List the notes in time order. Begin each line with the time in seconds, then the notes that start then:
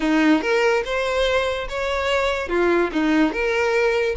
0.00 D#4
0.41 A#4
0.84 C5
1.69 C#5
2.48 F4
2.92 D#4
3.32 A#4